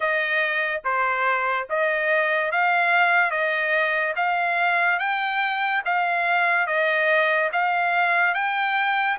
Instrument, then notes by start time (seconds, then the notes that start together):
trumpet
0.00 D#5
0.84 C5
1.69 D#5
2.51 F5
3.30 D#5
4.16 F5
4.99 G5
5.85 F5
6.66 D#5
7.52 F5
8.34 G5